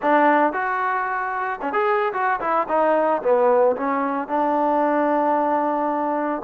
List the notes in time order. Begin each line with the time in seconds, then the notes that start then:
0.01 D4
0.52 F#4
1.61 C#4
1.72 G#4
2.13 F#4
2.40 E4
2.68 D#4
3.22 B3
3.76 C#4
4.27 D4